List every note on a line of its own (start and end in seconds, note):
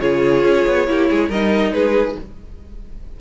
0.00 0.44 C#3
0.00 0.87 F4
0.00 0.89 G#4
0.00 1.30 C#5
0.44 0.65 C#4
0.67 0.88 B3
0.87 1.10 A#3
0.87 1.30 E4
0.87 1.10 G4
1.10 1.30 G#3
1.10 1.29 G#4
1.29 1.72 G3
1.29 2.21 D#4
1.29 1.72 A#4
1.29 1.73 D#5
1.72 2.15 G#3
1.72 2.18 G#4
1.72 2.16 B4